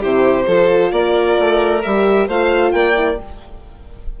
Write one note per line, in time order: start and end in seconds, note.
0.00 0.47 C3
0.00 0.46 E4
0.00 0.45 G4
0.00 0.91 C5
0.46 0.91 F3
0.46 1.82 F4
0.46 0.92 A4
0.91 1.37 A#3
0.91 2.27 A#4
0.91 1.81 D5
1.39 1.84 A3
1.82 2.28 G3
1.82 2.29 G4
1.82 2.27 E5
2.27 2.72 A3
2.27 2.94 F4
2.27 2.72 C5
2.27 2.71 F5
2.71 3.18 A#3
2.71 3.20 D5
2.71 3.16 G5
2.94 3.17 E4